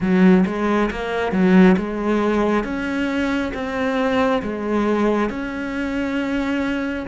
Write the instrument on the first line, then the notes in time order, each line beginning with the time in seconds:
cello
0.00 F#3
0.46 G#3
0.91 A#3
1.32 F#3
1.76 G#3
2.64 C#4
3.53 C4
4.42 G#3
5.29 C#4